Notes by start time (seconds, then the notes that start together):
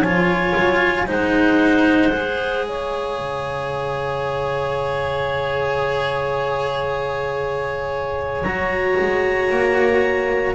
0.00 F3 F4 C#5 G#5
0.56 F#3
1.07 G#3 D#4 C5 F#5
2.13 G#4
2.66 C#5 F5
3.18 C#3
8.43 F#3 F#4 A#5
9.01 G#3
9.51 A#3